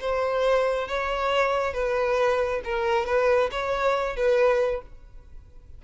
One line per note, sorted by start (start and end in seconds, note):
0.00 0.88 C5
0.88 1.73 C#5
1.73 2.61 B4
2.64 3.06 A#4
3.06 3.50 B4
3.51 4.16 C#5
4.16 4.82 B4